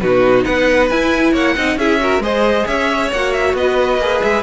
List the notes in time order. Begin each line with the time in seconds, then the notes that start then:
0.00 B2 D#4 F#4 B4
0.45 B3 B4 F#5
0.89 E4 G#5
1.33 A#3 C#5 F#5
1.56 C4 D#4 D#5
1.76 C#4 E4 G#4 E5
2.00 F#4 A#4
2.19 G#3 G#4 C5 D#5
2.67 C#4 C#5 E5
3.12 A#3 F#4 F#5
3.32 E5
3.54 B3 B4 D#5
3.98 A#3 G#4
4.22 G#3 E5